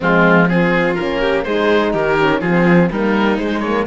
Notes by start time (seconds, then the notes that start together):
0.00 F3 G#3 C4 F4
0.48 C4 F4 G#4
0.95 A#3 C#4 A#4
1.20 G4
1.44 G#3 D#4 G#4 C5
1.92 D#3 G4 A#4
2.19 C#4
2.40 F3 C4 F4 G#4
2.90 G3 A#3 D#4 A#4
3.37 G#3 C5
3.59 A#3 C#5